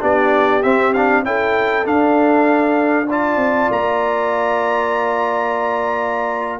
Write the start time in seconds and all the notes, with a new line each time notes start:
0.00 B3 D4 G4 D5
0.63 C4 E5
0.94 D4 F5
1.24 C#4 E4 A4 G5
1.84 D4 F5
3.09 F4 D5 A5
3.37 C4
3.71 A#3 A#5